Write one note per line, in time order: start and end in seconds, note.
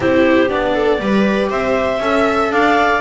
0.00 0.49 C4
0.00 0.49 E4
0.00 0.73 G4
0.00 0.49 C5
0.49 0.99 B3
0.49 0.99 D4
0.49 1.50 D5
0.73 0.99 A4
0.99 1.49 G3
0.99 2.01 G4
0.99 1.49 B4
1.49 1.99 C4
1.49 2.00 C5
1.49 2.51 E5
1.99 2.50 C#4
1.99 3.01 A4
1.99 2.52 E5
2.50 3.00 D4
2.50 3.01 D5
2.50 3.01 F5